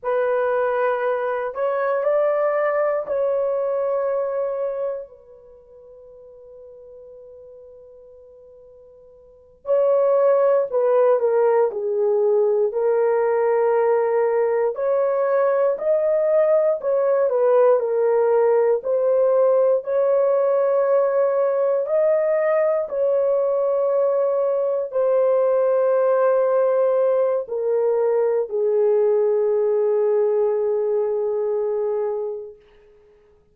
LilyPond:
\new Staff \with { instrumentName = "horn" } { \time 4/4 \tempo 4 = 59 b'4. cis''8 d''4 cis''4~ | cis''4 b'2.~ | b'4. cis''4 b'8 ais'8 gis'8~ | gis'8 ais'2 cis''4 dis''8~ |
dis''8 cis''8 b'8 ais'4 c''4 cis''8~ | cis''4. dis''4 cis''4.~ | cis''8 c''2~ c''8 ais'4 | gis'1 | }